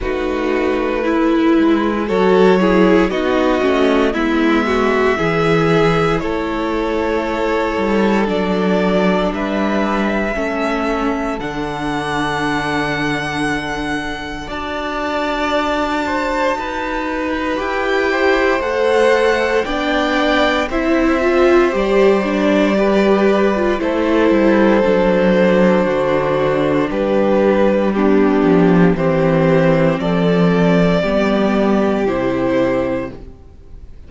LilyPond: <<
  \new Staff \with { instrumentName = "violin" } { \time 4/4 \tempo 4 = 58 b'2 cis''4 dis''4 | e''2 cis''2 | d''4 e''2 fis''4~ | fis''2 a''2~ |
a''4 g''4 fis''4 g''4 | e''4 d''2 c''4~ | c''2 b'4 g'4 | c''4 d''2 c''4 | }
  \new Staff \with { instrumentName = "violin" } { \time 4/4 fis'4 e'4 a'8 gis'8 fis'4 | e'8 fis'8 gis'4 a'2~ | a'4 b'4 a'2~ | a'2 d''4. c''8 |
b'4. c''4. d''4 | c''2 b'4 a'4~ | a'4 fis'4 g'4 d'4 | g'4 a'4 g'2 | }
  \new Staff \with { instrumentName = "viola" } { \time 4/4 dis'4 e'4 fis'8 e'8 dis'8 cis'8 | b4 e'2. | d'2 cis'4 d'4~ | d'2 fis'2~ |
fis'4 g'4 a'4 d'4 | e'8 f'8 g'8 d'8 g'8. f'16 e'4 | d'2. b4 | c'2 b4 e'4 | }
  \new Staff \with { instrumentName = "cello" } { \time 4/4 a4. gis8 fis4 b8 a8 | gis4 e4 a4. g8 | fis4 g4 a4 d4~ | d2 d'2 |
dis'4 e'4 a4 b4 | c'4 g2 a8 g8 | fis4 d4 g4. f8 | e4 f4 g4 c4 | }
>>